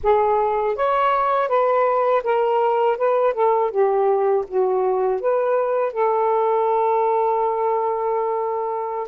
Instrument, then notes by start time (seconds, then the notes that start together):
saxophone
0.03 G#4
0.75 C#5
1.48 B4
2.23 A#4
2.97 B4
3.33 A4
3.70 G4
4.47 F#4
5.20 B4
5.93 A4